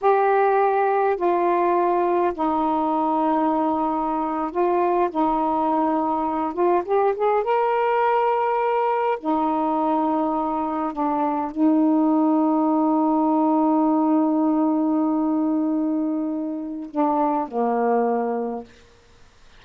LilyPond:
\new Staff \with { instrumentName = "saxophone" } { \time 4/4 \tempo 4 = 103 g'2 f'2 | dis'2.~ dis'8. f'16~ | f'8. dis'2~ dis'8 f'8 g'16~ | g'16 gis'8 ais'2. dis'16~ |
dis'2~ dis'8. d'4 dis'16~ | dis'1~ | dis'1~ | dis'4 d'4 ais2 | }